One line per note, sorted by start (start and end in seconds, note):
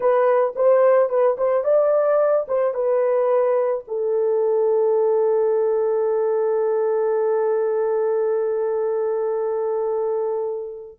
0.00 0.54 B4
0.55 1.09 C5
1.09 1.36 B4
1.37 1.64 C5
1.64 2.46 D5
2.48 2.74 C5
2.74 3.84 B4
3.87 10.99 A4